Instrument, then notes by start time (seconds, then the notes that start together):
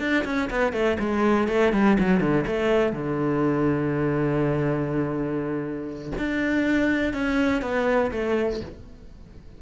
cello
0.00 D4
0.25 C#4
0.50 B3
0.73 A3
1.00 G#3
1.48 A3
1.73 G3
2.00 F#3
2.21 D3
2.47 A3
2.93 D3
6.18 D4
7.14 C#4
7.62 B3
8.12 A3